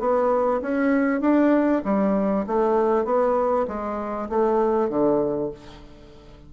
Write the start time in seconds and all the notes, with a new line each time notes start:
0.00 B3
0.62 C#4
1.21 D4
1.85 G3
2.47 A3
3.05 B3
3.68 G#3
4.29 A3
4.89 D3